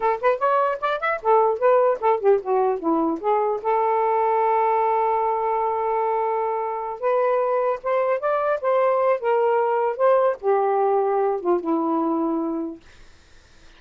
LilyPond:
\new Staff \with { instrumentName = "saxophone" } { \time 4/4 \tempo 4 = 150 a'8 b'8 cis''4 d''8 e''8 a'4 | b'4 a'8 g'8 fis'4 e'4 | gis'4 a'2.~ | a'1~ |
a'4. b'2 c''8~ | c''8 d''4 c''4. ais'4~ | ais'4 c''4 g'2~ | g'8 f'8 e'2. | }